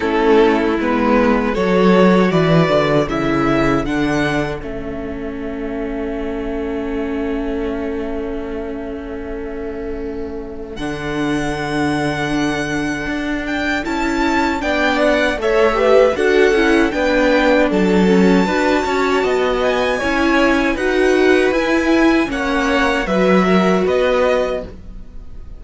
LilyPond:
<<
  \new Staff \with { instrumentName = "violin" } { \time 4/4 \tempo 4 = 78 a'4 b'4 cis''4 d''4 | e''4 fis''4 e''2~ | e''1~ | e''2 fis''2~ |
fis''4. g''8 a''4 g''8 fis''8 | e''4 fis''4 g''4 a''4~ | a''4. gis''4. fis''4 | gis''4 fis''4 e''4 dis''4 | }
  \new Staff \with { instrumentName = "violin" } { \time 4/4 e'2 a'4 b'4 | a'1~ | a'1~ | a'1~ |
a'2. d''4 | cis''8 b'8 a'4 b'4 a'4 | b'8 cis''8 dis''4 cis''4 b'4~ | b'4 cis''4 b'8 ais'8 b'4 | }
  \new Staff \with { instrumentName = "viola" } { \time 4/4 cis'4 b4 fis'2 | e'4 d'4 cis'2~ | cis'1~ | cis'2 d'2~ |
d'2 e'4 d'4 | a'8 g'8 fis'8 e'8 d'4. cis'8 | fis'2 e'4 fis'4 | e'4 cis'4 fis'2 | }
  \new Staff \with { instrumentName = "cello" } { \time 4/4 a4 gis4 fis4 e8 d8 | cis4 d4 a2~ | a1~ | a2 d2~ |
d4 d'4 cis'4 b4 | a4 d'8 cis'8 b4 fis4 | d'8 cis'8 b4 cis'4 dis'4 | e'4 ais4 fis4 b4 | }
>>